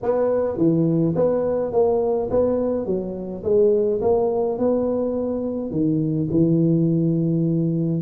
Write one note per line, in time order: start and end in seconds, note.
0.02 0.57 B3
0.57 1.14 E3
1.15 1.72 B3
1.72 2.29 A#3
2.30 2.85 B3
2.85 3.43 F#3
3.43 4.01 G#3
4.01 4.58 A#3
4.58 5.70 B3
5.70 6.28 D#3
6.30 8.02 E3